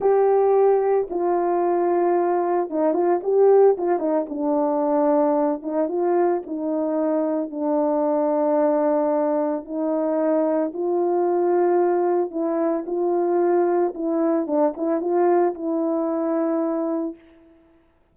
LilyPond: \new Staff \with { instrumentName = "horn" } { \time 4/4 \tempo 4 = 112 g'2 f'2~ | f'4 dis'8 f'8 g'4 f'8 dis'8 | d'2~ d'8 dis'8 f'4 | dis'2 d'2~ |
d'2 dis'2 | f'2. e'4 | f'2 e'4 d'8 e'8 | f'4 e'2. | }